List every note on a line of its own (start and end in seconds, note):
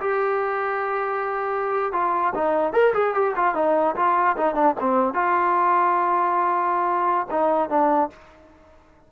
0.00 1.93 G4
1.93 2.33 F4
2.35 2.73 D#4
2.73 2.93 A#4
2.94 3.14 G#4
3.14 3.34 G4
3.36 3.55 F4
3.55 3.95 D#4
3.96 4.36 F4
4.37 4.55 D#4
4.55 4.75 D4
4.80 5.14 C4
5.14 7.27 F4
7.30 7.69 D#4
7.69 8.10 D4